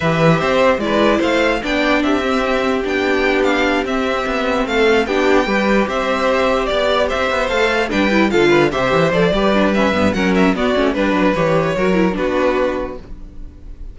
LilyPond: <<
  \new Staff \with { instrumentName = "violin" } { \time 4/4 \tempo 4 = 148 e''2 d''4 f''4 | g''4 e''2 g''4~ | g''8 f''4 e''2 f''8~ | f''8 g''2 e''4.~ |
e''8 d''4 e''4 f''4 g''8~ | g''8 f''4 e''4 d''4. | e''4 fis''8 e''8 d''4 b'4 | cis''2 b'2 | }
  \new Staff \with { instrumentName = "violin" } { \time 4/4 b'4 c''4 b'4 c''4 | d''4 g'2.~ | g'2.~ g'8 a'8~ | a'8 g'4 b'4 c''4.~ |
c''8 d''4 c''2 b'8~ | b'8 a'8 b'8 c''4. b'4~ | b'4 ais'4 fis'4 b'4~ | b'4 ais'4 fis'2 | }
  \new Staff \with { instrumentName = "viola" } { \time 4/4 g'2 e'2 | d'4. c'4. d'4~ | d'4. c'2~ c'8~ | c'8 d'4 g'2~ g'8~ |
g'2~ g'8 a'4 d'8 | e'8 f'4 g'4 a'8 g'8 d'8 | cis'8 b8 cis'4 b8 cis'8 d'4 | g'4 fis'8 e'8 d'2 | }
  \new Staff \with { instrumentName = "cello" } { \time 4/4 e4 c'4 gis4 a4 | b4 c'2 b4~ | b4. c'4 b4 a8~ | a8 b4 g4 c'4.~ |
c'8 b4 c'8 b8 a4 g8~ | g8 d4 c8 e8 f8 g4~ | g8 g,8 fis4 b8 a8 g8 fis8 | e4 fis4 b2 | }
>>